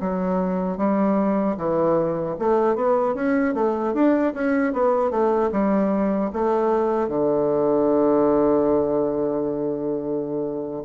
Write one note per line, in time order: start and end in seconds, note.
0.00 0.77 F#3
0.77 1.56 G3
1.57 2.36 E3
2.39 2.75 A3
2.75 3.14 B3
3.14 3.54 C#4
3.54 3.94 A3
3.94 4.33 D4
4.33 4.73 C#4
4.73 5.10 B3
5.10 5.50 A3
5.52 6.31 G3
6.33 7.08 A3
7.08 10.83 D3